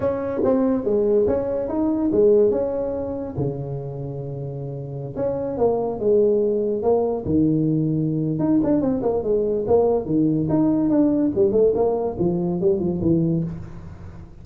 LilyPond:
\new Staff \with { instrumentName = "tuba" } { \time 4/4 \tempo 4 = 143 cis'4 c'4 gis4 cis'4 | dis'4 gis4 cis'2 | cis1~ | cis16 cis'4 ais4 gis4.~ gis16~ |
gis16 ais4 dis2~ dis8. | dis'8 d'8 c'8 ais8 gis4 ais4 | dis4 dis'4 d'4 g8 a8 | ais4 f4 g8 f8 e4 | }